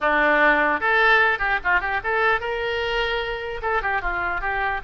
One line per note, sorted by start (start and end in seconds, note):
0.01 0.80 D4
0.80 1.38 A4
1.38 1.59 G4
1.64 1.80 F4
1.80 2.00 G4
2.03 2.40 A4
2.40 3.61 A#4
3.61 3.82 A4
3.82 4.01 G4
4.01 4.40 F4
4.40 4.80 G4